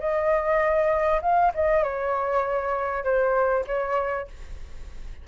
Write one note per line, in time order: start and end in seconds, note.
0.00 1.21 D#5
1.22 1.52 F5
1.55 1.83 D#5
1.83 3.04 C#5
3.04 3.65 C5
3.67 4.28 C#5